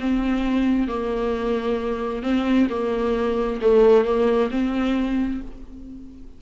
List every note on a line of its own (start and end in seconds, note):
0.00 0.88 C4
0.88 2.23 A#3
2.23 2.68 C4
2.70 3.60 A#3
3.62 4.05 A3
4.05 4.50 A#3
4.51 5.41 C4